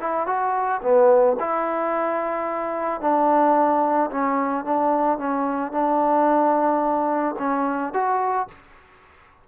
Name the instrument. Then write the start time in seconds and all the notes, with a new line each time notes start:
trombone
0.00 E4
0.27 F#4
0.82 B3
1.40 E4
3.01 D4
4.11 C#4
4.65 D4
5.18 C#4
5.72 D4
7.39 C#4
7.93 F#4